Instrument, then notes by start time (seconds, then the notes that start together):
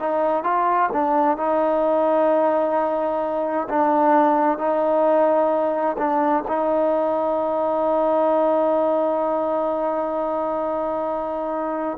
trombone
0.00 D#4
0.44 F4
0.93 D4
1.38 D#4
3.69 D4
4.58 D#4
5.98 D4
6.48 D#4